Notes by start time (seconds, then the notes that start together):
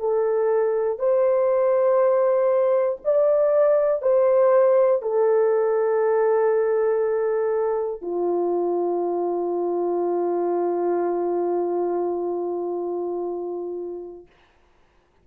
0.00 A4
1.00 C5
3.05 D5
4.02 C5
5.02 A4
8.02 F4